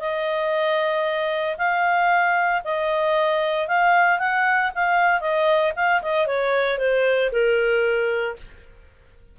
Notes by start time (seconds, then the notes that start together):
0.00 D#5
1.58 F5
2.65 D#5
3.68 F5
4.19 F#5
4.75 F5
5.21 D#5
5.76 F5
6.02 D#5
6.27 C#5
6.78 C5
7.32 A#4